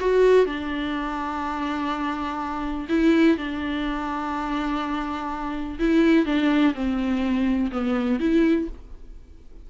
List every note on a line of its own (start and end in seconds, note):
0.00 0.46 F#4
0.46 2.88 D4
2.89 3.37 E4
3.37 5.79 D4
5.79 6.26 E4
6.26 6.74 D4
6.74 7.71 C4
7.72 8.19 B3
8.19 8.68 E4